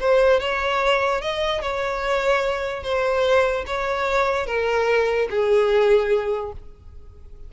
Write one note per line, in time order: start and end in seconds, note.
0.00 0.40 C5
0.40 1.21 C#5
1.21 1.62 D#5
1.62 2.83 C#5
2.83 3.65 C5
3.66 4.47 C#5
4.47 5.28 A#4
5.30 6.52 G#4